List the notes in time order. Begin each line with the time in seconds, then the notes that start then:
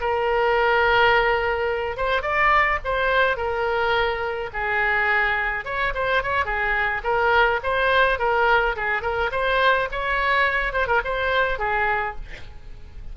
0.00 A#4
1.97 C5
2.22 D5
2.84 C5
3.37 A#4
4.53 G#4
5.64 C#5
5.94 C5
6.23 C#5
6.45 G#4
7.03 A#4
7.63 C5
8.19 A#4
8.76 G#4
9.02 A#4
9.31 C5
9.91 C#5
10.73 C5
10.87 A#4
11.04 C5
11.59 G#4